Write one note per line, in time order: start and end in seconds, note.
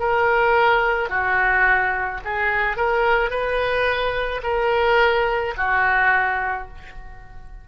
0.00 1.10 A#4
1.10 2.21 F#4
2.25 2.77 G#4
2.77 3.30 A#4
3.30 4.41 B4
4.43 5.55 A#4
5.57 6.68 F#4